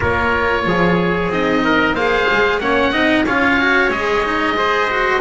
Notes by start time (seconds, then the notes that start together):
0.00 A#3 F4 A#4 C#5
0.66 F3 G#4
1.29 C4 D#4 D#5
1.64 A#4
1.93 A#3 G#4 C5 F5
2.32 G#3
2.59 A#3 C#4 C#5 F#5
2.91 C4 D#4 D#5
3.25 C#4 F4 C#5 F5
3.60 F#4
3.89 G#3 G#4 D#5
4.23 D#4
4.57 G#4 C5
4.90 F#4